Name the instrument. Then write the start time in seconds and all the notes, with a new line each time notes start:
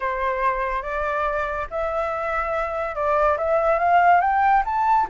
flute
0.00 C5
0.82 D5
1.70 E5
2.95 D5
3.37 E5
3.78 F5
4.21 G5
4.65 A5